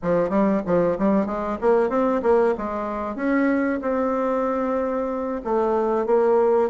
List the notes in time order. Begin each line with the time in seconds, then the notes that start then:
0.02 F3
0.29 G3
0.66 F3
0.98 G3
1.26 G#3
1.60 A#3
1.89 C4
2.22 A#3
2.57 G#3
3.15 C#4
3.81 C4
5.44 A3
6.06 A#3